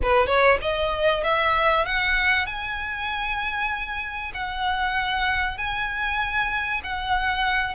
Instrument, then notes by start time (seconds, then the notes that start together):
violin
0.02 B4
0.26 C#5
0.61 D#5
1.23 E5
1.85 F#5
2.46 G#5
4.34 F#5
5.57 G#5
6.83 F#5